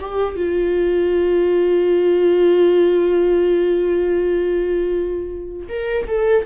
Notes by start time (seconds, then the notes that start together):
0.00 G4
0.36 F4
5.69 A#4
6.08 A4